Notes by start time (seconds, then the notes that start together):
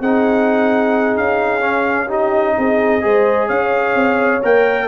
0.00 C4 D#4 G#4 F#5
1.17 C#4 F5
1.61 C#4
2.08 D#4 G4 D#5
2.58 C4 G#4
3.02 G#3 G#4 C5
3.48 C#4 C#5 F5
3.95 C4
4.43 A#3 A#4 G5